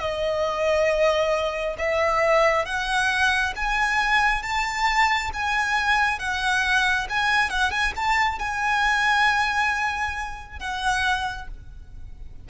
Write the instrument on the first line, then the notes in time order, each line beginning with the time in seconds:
violin
0.00 D#5
1.78 E5
2.66 F#5
3.56 G#5
4.43 A5
5.34 G#5
6.19 F#5
7.09 G#5
7.50 F#5
7.71 G#5
7.96 A5
8.39 G#5
10.60 F#5